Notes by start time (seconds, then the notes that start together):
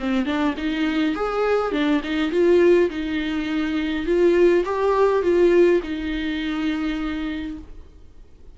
0.00 C4
0.26 D4
0.58 D#4
1.16 G#4
1.72 D4
2.04 D#4
2.32 F4
2.90 D#4
4.06 F4
4.65 G4
5.23 F4
5.84 D#4